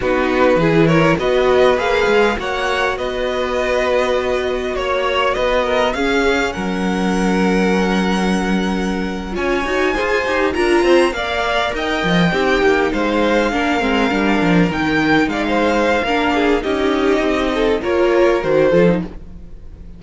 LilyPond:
<<
  \new Staff \with { instrumentName = "violin" } { \time 4/4 \tempo 4 = 101 b'4. cis''8 dis''4 f''4 | fis''4 dis''2. | cis''4 dis''4 f''4 fis''4~ | fis''2.~ fis''8. gis''16~ |
gis''4.~ gis''16 ais''4 f''4 g''16~ | g''4.~ g''16 f''2~ f''16~ | f''8. g''4 f''2~ f''16 | dis''2 cis''4 c''4 | }
  \new Staff \with { instrumentName = "violin" } { \time 4/4 fis'4 gis'8 ais'8 b'2 | cis''4 b'2. | cis''4 b'8 ais'8 gis'4 ais'4~ | ais'2.~ ais'8. cis''16~ |
cis''8. c''4 ais'8 c''8 d''4 dis''16~ | dis''8. g'4 c''4 ais'4~ ais'16~ | ais'4.~ ais'16 d''16 c''4 ais'8 gis'8 | g'4. a'8 ais'4. a'8 | }
  \new Staff \with { instrumentName = "viola" } { \time 4/4 dis'4 e'4 fis'4 gis'4 | fis'1~ | fis'2 cis'2~ | cis'2.~ cis'8. f'16~ |
f'16 fis'8 gis'8 g'8 f'4 ais'4~ ais'16~ | ais'8. dis'2 d'8 c'8 d'16~ | d'8. dis'2~ dis'16 d'4 | dis'2 f'4 fis'8 f'16 dis'16 | }
  \new Staff \with { instrumentName = "cello" } { \time 4/4 b4 e4 b4 ais8 gis8 | ais4 b2. | ais4 b4 cis'4 fis4~ | fis2.~ fis8. cis'16~ |
cis'16 dis'8 f'8 dis'8 d'8 c'8 ais4 dis'16~ | dis'16 f8 c'8 ais8 gis4 ais8 gis8 g16~ | g16 f8 dis4 gis4~ gis16 ais4 | cis'4 c'4 ais4 dis8 f8 | }
>>